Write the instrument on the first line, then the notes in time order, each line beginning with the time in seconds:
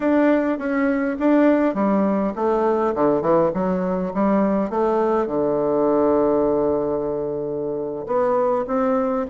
bassoon
0.00 D4
0.58 C#4
1.19 D4
1.74 G3
2.35 A3
2.94 D3
3.21 E3
3.53 F#3
4.14 G3
4.70 A3
5.26 D3
8.06 B3
8.67 C4